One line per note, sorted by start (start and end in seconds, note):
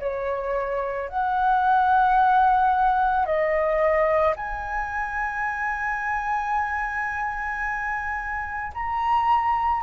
0.00 1.09 C#5
1.09 3.26 F#5
3.26 4.35 D#5
4.36 8.73 G#5
8.74 9.83 A#5